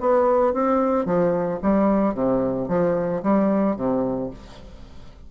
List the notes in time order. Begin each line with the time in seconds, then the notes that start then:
0.00 B3
0.53 C4
1.05 F3
1.62 G3
2.14 C3
2.68 F3
3.23 G3
3.76 C3